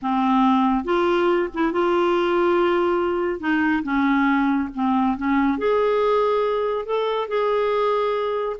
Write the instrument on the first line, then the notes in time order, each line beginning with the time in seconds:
clarinet
0.02 C4
0.84 F4
1.54 E4
1.72 F4
3.40 D#4
3.83 C#4
4.75 C4
5.17 C#4
5.58 G#4
6.85 A4
7.28 G#4